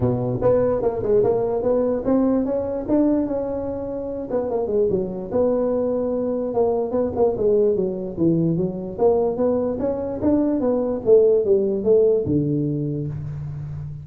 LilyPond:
\new Staff \with { instrumentName = "tuba" } { \time 4/4 \tempo 4 = 147 b,4 b4 ais8 gis8 ais4 | b4 c'4 cis'4 d'4 | cis'2~ cis'8 b8 ais8 gis8 | fis4 b2. |
ais4 b8 ais8 gis4 fis4 | e4 fis4 ais4 b4 | cis'4 d'4 b4 a4 | g4 a4 d2 | }